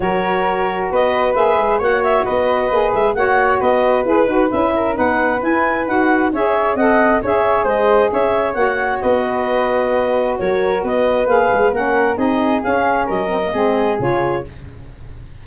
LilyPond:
<<
  \new Staff \with { instrumentName = "clarinet" } { \time 4/4 \tempo 4 = 133 cis''2 dis''4 e''4 | fis''8 e''8 dis''4. e''8 fis''4 | dis''4 b'4 e''4 fis''4 | gis''4 fis''4 e''4 fis''4 |
e''4 dis''4 e''4 fis''4 | dis''2. cis''4 | dis''4 f''4 fis''4 dis''4 | f''4 dis''2 cis''4 | }
  \new Staff \with { instrumentName = "flute" } { \time 4/4 ais'2 b'2 | cis''4 b'2 cis''4 | b'2~ b'8 ais'8 b'4~ | b'2 cis''4 dis''4 |
cis''4 c''4 cis''2 | b'2. ais'4 | b'2 ais'4 gis'4~ | gis'4 ais'4 gis'2 | }
  \new Staff \with { instrumentName = "saxophone" } { \time 4/4 fis'2. gis'4 | fis'2 gis'4 fis'4~ | fis'4 gis'8 fis'8 e'4 dis'4 | e'4 fis'4 gis'4 a'4 |
gis'2. fis'4~ | fis'1~ | fis'4 gis'4 cis'4 dis'4 | cis'4. c'16 ais16 c'4 f'4 | }
  \new Staff \with { instrumentName = "tuba" } { \time 4/4 fis2 b4 ais8 gis8 | ais4 b4 ais8 gis8 ais4 | b4 e'8 dis'8 cis'4 b4 | e'4 dis'4 cis'4 c'4 |
cis'4 gis4 cis'4 ais4 | b2. fis4 | b4 ais8 gis8 ais4 c'4 | cis'4 fis4 gis4 cis4 | }
>>